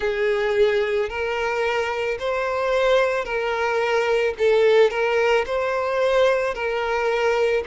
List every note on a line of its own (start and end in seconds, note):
0.00 1.09 G#4
1.09 2.18 A#4
2.19 3.24 C5
3.24 4.33 A#4
4.38 4.90 A4
4.90 5.44 A#4
5.45 6.54 C5
6.54 7.63 A#4